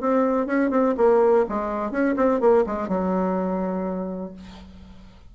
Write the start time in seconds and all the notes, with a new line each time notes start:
0.00 C4
0.46 C#4
0.70 C4
0.97 A#3
1.49 G#3
1.91 C#4
2.16 C4
2.40 A#3
2.66 G#3
2.88 F#3